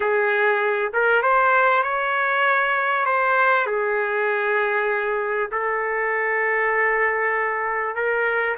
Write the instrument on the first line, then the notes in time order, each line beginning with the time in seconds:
trumpet
0.00 G#4
0.93 A#4
1.22 C5
1.83 C#5
3.05 C5
3.66 G#4
5.51 A4
7.95 A#4